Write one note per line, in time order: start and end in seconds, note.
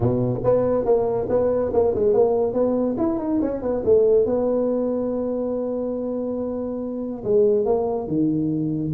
0.00 0.40 B2
0.44 0.85 B3
0.85 1.27 A#3
1.29 1.72 B3
1.73 1.94 A#3
1.94 2.13 G#3
2.13 2.53 A#3
2.53 2.95 B3
2.97 3.19 E4
3.19 3.40 D#4
3.41 3.62 C#4
3.62 3.83 B3
3.84 4.25 A3
4.25 7.23 B3
7.24 7.65 G#3
7.65 8.07 A#3
8.07 8.92 D#3